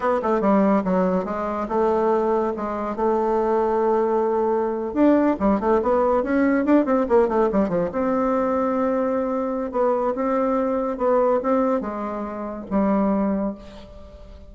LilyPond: \new Staff \with { instrumentName = "bassoon" } { \time 4/4 \tempo 4 = 142 b8 a8 g4 fis4 gis4 | a2 gis4 a4~ | a2.~ a8. d'16~ | d'8. g8 a8 b4 cis'4 d'16~ |
d'16 c'8 ais8 a8 g8 f8 c'4~ c'16~ | c'2. b4 | c'2 b4 c'4 | gis2 g2 | }